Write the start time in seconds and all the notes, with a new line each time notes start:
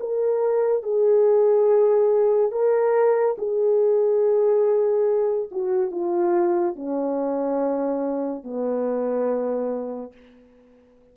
0.00 A#4
0.83 G#4
2.52 A#4
3.38 G#4
5.52 F#4
5.92 F4
6.76 C#4
8.44 B3